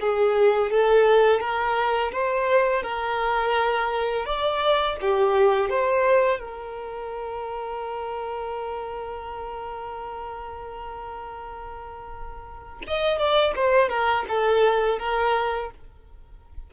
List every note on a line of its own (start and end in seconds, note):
0.00 0.70 G#4
0.70 1.40 A4
1.40 2.11 A#4
2.12 2.82 C5
2.82 4.25 A#4
4.25 4.96 D5
5.01 5.69 G4
5.69 6.39 C5
6.39 12.82 A#4
12.87 13.18 D#5
13.18 13.54 D5
13.56 13.89 C5
13.89 14.25 A#4
14.28 14.98 A4
14.98 15.70 A#4